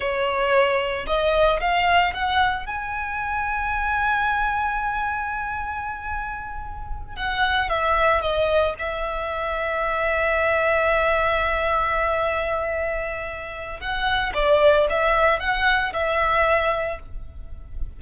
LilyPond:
\new Staff \with { instrumentName = "violin" } { \time 4/4 \tempo 4 = 113 cis''2 dis''4 f''4 | fis''4 gis''2.~ | gis''1~ | gis''4. fis''4 e''4 dis''8~ |
dis''8 e''2.~ e''8~ | e''1~ | e''2 fis''4 d''4 | e''4 fis''4 e''2 | }